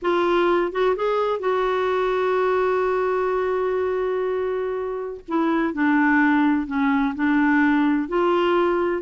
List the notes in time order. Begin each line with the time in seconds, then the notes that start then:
0.02 F4
0.71 F#4
0.95 G#4
1.39 F#4
5.27 E4
5.73 D4
6.66 C#4
7.15 D4
8.08 F4